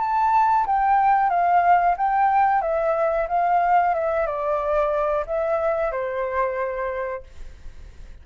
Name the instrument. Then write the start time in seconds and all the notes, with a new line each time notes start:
flute
0.00 A5
0.66 G5
1.29 F5
1.97 G5
2.62 E5
3.28 F5
3.94 E5
4.26 D5
5.26 E5
5.91 C5